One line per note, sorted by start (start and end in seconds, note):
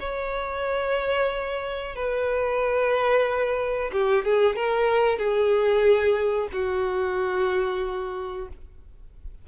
0.00 1.95 C#5
1.95 3.91 B4
3.92 4.25 G4
4.25 4.56 G#4
4.56 5.18 A#4
5.18 6.49 G#4
6.52 8.48 F#4